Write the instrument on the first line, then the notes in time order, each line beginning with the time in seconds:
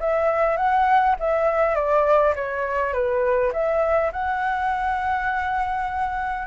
flute
0.00 E5
0.57 F#5
1.20 E5
1.75 D5
2.36 C#5
2.93 B4
3.53 E5
4.13 F#5